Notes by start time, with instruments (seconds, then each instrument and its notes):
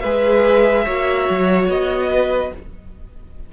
0.00 cello G#3, viola G#4, violin B4 E5
0.85 cello A#3, viola F#4, violin C#5
1.30 cello F#3
1.69 cello B3, violin D#5
2.11 violin B4